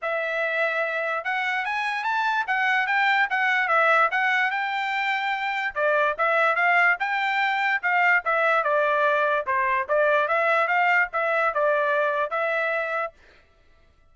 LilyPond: \new Staff \with { instrumentName = "trumpet" } { \time 4/4 \tempo 4 = 146 e''2. fis''4 | gis''4 a''4 fis''4 g''4 | fis''4 e''4 fis''4 g''4~ | g''2 d''4 e''4 |
f''4 g''2 f''4 | e''4 d''2 c''4 | d''4 e''4 f''4 e''4 | d''2 e''2 | }